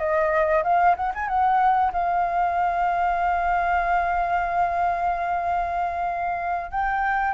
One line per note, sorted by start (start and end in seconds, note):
0.00 0.64 D#5
0.64 0.96 F5
0.97 1.13 F#5
1.15 1.29 G#5
1.29 1.92 F#5
1.93 6.71 F5
6.71 7.35 G5